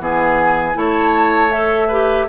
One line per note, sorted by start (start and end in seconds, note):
0.00 0.76 E3
0.00 0.74 B3
0.00 0.78 G#4
0.00 0.79 G#5
0.74 2.28 A3
0.74 1.50 E4
0.74 1.88 C#5
0.74 1.52 A5
1.52 1.90 A4
1.52 2.28 E5
1.88 2.29 G4
1.88 2.26 B4